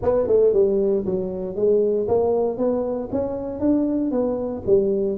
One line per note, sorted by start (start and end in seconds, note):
0.02 0.27 B3
0.27 0.53 A3
0.53 1.05 G3
1.05 1.55 F#3
1.55 2.07 G#3
2.08 2.57 A#3
2.57 3.09 B3
3.12 3.59 C#4
3.59 4.11 D4
4.11 4.62 B3
4.66 5.18 G3